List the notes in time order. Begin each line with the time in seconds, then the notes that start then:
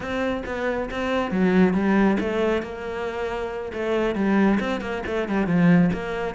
0.00 C4
0.45 B3
0.90 C4
1.31 F#3
1.73 G3
2.19 A3
2.62 A#3
3.73 A3
4.15 G3
4.59 C4
4.80 A#3
5.06 A3
5.28 G3
5.46 F3
5.93 A#3